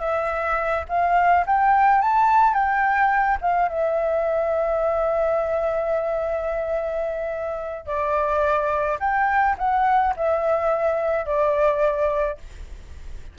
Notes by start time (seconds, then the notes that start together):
0.00 E5
0.89 F5
1.46 G5
2.01 A5
2.54 G5
3.41 F5
3.68 E5
7.86 D5
9.00 G5
9.58 F#5
10.16 E5
11.25 D5